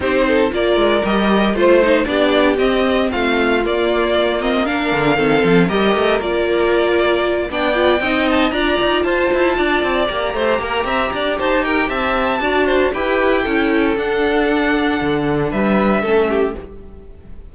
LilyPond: <<
  \new Staff \with { instrumentName = "violin" } { \time 4/4 \tempo 4 = 116 c''4 d''4 dis''4 c''4 | d''4 dis''4 f''4 d''4~ | d''8 dis''8 f''2 dis''4 | d''2~ d''8 g''4. |
a''8 ais''4 a''2 ais''8~ | ais''2 a''8 g''8 a''4~ | a''4 g''2 fis''4~ | fis''2 e''2 | }
  \new Staff \with { instrumentName = "violin" } { \time 4/4 g'8 a'8 ais'2 c''4 | g'2 f'2~ | f'4 ais'4 a'4 ais'4~ | ais'2~ ais'8 d''4 dis''8~ |
dis''8 d''4 c''4 d''4. | c''8 ais'8 e''8 d''8 c''8 ais'8 e''4 | d''8 c''8 b'4 a'2~ | a'2 b'4 a'8 g'8 | }
  \new Staff \with { instrumentName = "viola" } { \time 4/4 dis'4 f'4 g'4 f'8 dis'8 | d'4 c'2 ais4~ | ais8 c'8 d'4 c'4 g'4 | f'2~ f'8 d'8 f'8 dis'8~ |
dis'8 f'2. g'8~ | g'1 | fis'4 g'4 e'4 d'4~ | d'2. cis'4 | }
  \new Staff \with { instrumentName = "cello" } { \time 4/4 c'4 ais8 gis8 g4 a4 | b4 c'4 a4 ais4~ | ais4. d8 dis8 f8 g8 a8 | ais2~ ais8 b4 c'8~ |
c'8 d'8 dis'8 f'8 e'8 d'8 c'8 ais8 | a8 ais8 c'8 d'8 dis'4 c'4 | d'4 e'4 cis'4 d'4~ | d'4 d4 g4 a4 | }
>>